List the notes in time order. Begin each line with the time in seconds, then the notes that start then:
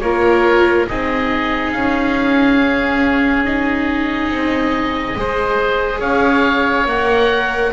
0.00 A#3 F4 A#4 C#5
0.87 C4 D#4 G#4 D#5
1.72 C#4 F5
2.60 C#4
3.45 D#4 D#5
4.29 C4
5.15 G#3 G#4 C5
5.99 C#4 C#5 F5
6.85 A#3 A#4 F#5